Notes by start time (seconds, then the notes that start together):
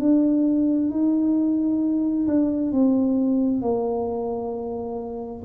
0.00 D4
0.90 D#4
2.28 D4
2.72 C4
3.62 A#3